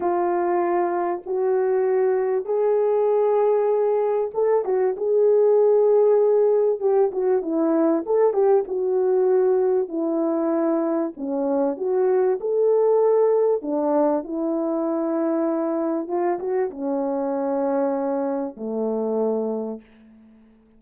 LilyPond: \new Staff \with { instrumentName = "horn" } { \time 4/4 \tempo 4 = 97 f'2 fis'2 | gis'2. a'8 fis'8 | gis'2. g'8 fis'8 | e'4 a'8 g'8 fis'2 |
e'2 cis'4 fis'4 | a'2 d'4 e'4~ | e'2 f'8 fis'8 cis'4~ | cis'2 a2 | }